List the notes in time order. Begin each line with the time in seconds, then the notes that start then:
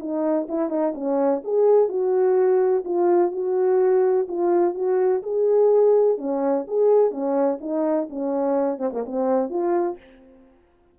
0.00 D#4
0.49 E4
0.70 D#4
0.95 C#4
1.45 G#4
1.89 F#4
2.85 F4
3.32 F#4
4.29 F4
4.75 F#4
5.23 G#4
6.18 C#4
6.68 G#4
7.11 C#4
7.61 D#4
8.10 C#4
8.79 C4
8.94 A#3
9.06 C4
9.50 F4